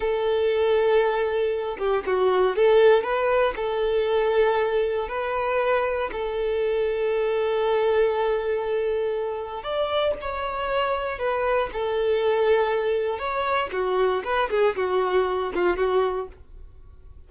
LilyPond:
\new Staff \with { instrumentName = "violin" } { \time 4/4 \tempo 4 = 118 a'2.~ a'8 g'8 | fis'4 a'4 b'4 a'4~ | a'2 b'2 | a'1~ |
a'2. d''4 | cis''2 b'4 a'4~ | a'2 cis''4 fis'4 | b'8 gis'8 fis'4. f'8 fis'4 | }